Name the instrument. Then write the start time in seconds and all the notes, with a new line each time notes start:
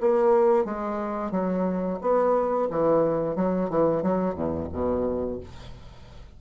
bassoon
0.00 A#3
0.64 G#3
1.31 F#3
2.01 B3
2.70 E3
3.36 F#3
3.69 E3
4.02 F#3
4.34 E2
4.72 B2